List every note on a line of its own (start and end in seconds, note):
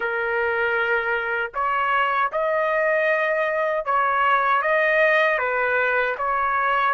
0.00 1.51 A#4
1.54 2.31 C#5
2.31 3.85 D#5
3.85 4.62 C#5
4.62 5.38 D#5
5.38 6.15 B4
6.17 6.94 C#5